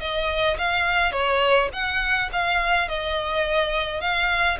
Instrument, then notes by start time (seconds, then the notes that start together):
violin
0.00 D#5
0.58 F5
1.12 C#5
1.73 F#5
2.32 F5
2.89 D#5
4.01 F5